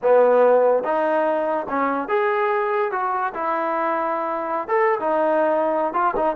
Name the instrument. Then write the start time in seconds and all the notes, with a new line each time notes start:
trombone
0.02 B3
0.83 D#4
1.69 C#4
2.08 G#4
2.91 F#4
3.34 E4
4.68 A4
5.00 D#4
5.93 F4
6.16 D#4